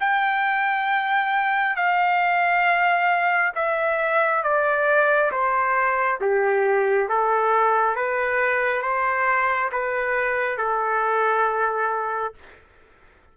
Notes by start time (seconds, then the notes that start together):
0.00 G5
1.76 F5
3.55 E5
4.43 D5
5.31 C5
6.20 G4
7.09 A4
7.95 B4
8.82 C5
9.72 B4
10.57 A4